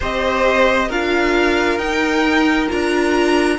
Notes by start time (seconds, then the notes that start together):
0.00 C4 G4 C5 D#5
0.88 D4 F4 A#4 F5
1.78 D#4 G5
2.68 D4 F4 A#5